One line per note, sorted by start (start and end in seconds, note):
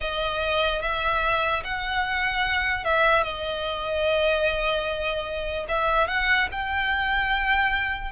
0.00 0.81 D#5
0.81 1.63 E5
1.64 2.84 F#5
2.84 3.22 E5
3.22 5.66 D#5
5.68 6.07 E5
6.07 6.48 F#5
6.51 8.11 G5